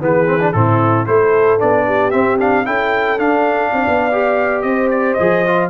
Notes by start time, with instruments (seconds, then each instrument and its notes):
0.00 tuba E3, trombone B3, horn G#4, trumpet B4
0.25 trombone C4
0.39 trombone D4
0.52 tuba A2, trombone C4, horn E4, trumpet A4
1.06 tuba A3, trombone E4, horn A4, trumpet C5
1.59 tuba B3, trombone D4, trumpet D5
1.85 horn G4
2.10 trombone C4, tuba C4, trumpet E5
2.38 trombone D4, trumpet F5
2.65 tuba C#4, trombone E4, horn A4, trumpet G5
3.18 trombone D4, tuba D4, trumpet F5
3.73 tuba C4, horn D5
3.87 tuba B3
4.11 trombone G4
4.61 tuba C4, horn C5, trumpet D#5
4.90 trumpet D5
5.13 tuba F3, trombone G#4, trumpet D#5
5.46 trombone F4